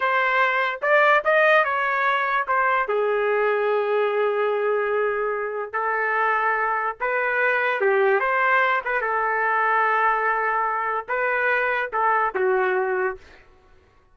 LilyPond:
\new Staff \with { instrumentName = "trumpet" } { \time 4/4 \tempo 4 = 146 c''2 d''4 dis''4 | cis''2 c''4 gis'4~ | gis'1~ | gis'2 a'2~ |
a'4 b'2 g'4 | c''4. b'8 a'2~ | a'2. b'4~ | b'4 a'4 fis'2 | }